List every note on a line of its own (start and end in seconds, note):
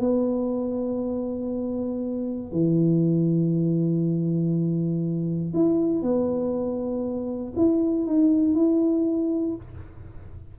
0.00 2.52 B3
2.52 5.54 E3
5.54 6.03 E4
6.03 7.54 B3
7.56 8.06 E4
8.06 8.55 D#4
8.55 9.56 E4